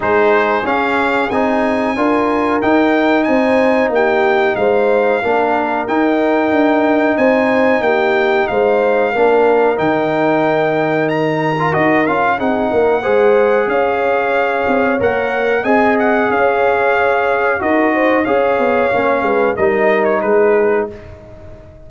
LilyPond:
<<
  \new Staff \with { instrumentName = "trumpet" } { \time 4/4 \tempo 4 = 92 c''4 f''4 gis''2 | g''4 gis''4 g''4 f''4~ | f''4 g''2 gis''4 | g''4 f''2 g''4~ |
g''4 ais''4 dis''8 f''8 fis''4~ | fis''4 f''2 fis''4 | gis''8 fis''8 f''2 dis''4 | f''2 dis''8. cis''16 b'4 | }
  \new Staff \with { instrumentName = "horn" } { \time 4/4 gis'2. ais'4~ | ais'4 c''4 g'4 c''4 | ais'2. c''4 | g'4 c''4 ais'2~ |
ais'2. gis'8 ais'8 | c''4 cis''2. | dis''4 cis''2 ais'8 c''8 | cis''4. b'8 ais'4 gis'4 | }
  \new Staff \with { instrumentName = "trombone" } { \time 4/4 dis'4 cis'4 dis'4 f'4 | dis'1 | d'4 dis'2.~ | dis'2 d'4 dis'4~ |
dis'4.~ dis'16 f'16 fis'8 f'8 dis'4 | gis'2. ais'4 | gis'2. fis'4 | gis'4 cis'4 dis'2 | }
  \new Staff \with { instrumentName = "tuba" } { \time 4/4 gis4 cis'4 c'4 d'4 | dis'4 c'4 ais4 gis4 | ais4 dis'4 d'4 c'4 | ais4 gis4 ais4 dis4~ |
dis2 dis'8 cis'8 c'8 ais8 | gis4 cis'4. c'8 ais4 | c'4 cis'2 dis'4 | cis'8 b8 ais8 gis8 g4 gis4 | }
>>